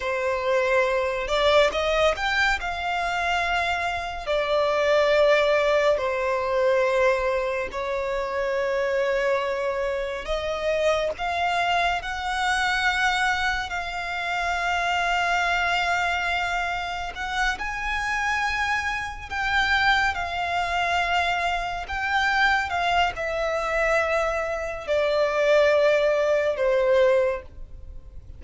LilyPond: \new Staff \with { instrumentName = "violin" } { \time 4/4 \tempo 4 = 70 c''4. d''8 dis''8 g''8 f''4~ | f''4 d''2 c''4~ | c''4 cis''2. | dis''4 f''4 fis''2 |
f''1 | fis''8 gis''2 g''4 f''8~ | f''4. g''4 f''8 e''4~ | e''4 d''2 c''4 | }